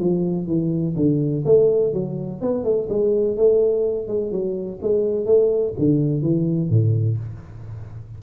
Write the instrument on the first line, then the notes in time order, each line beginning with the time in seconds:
tuba
0.00 F3
0.47 E3
0.96 D3
1.45 A3
1.94 F#3
2.42 B3
2.64 A3
2.89 G#3
3.37 A3
4.08 G#3
4.32 F#3
4.82 G#3
5.26 A3
5.79 D3
6.22 E3
6.70 A2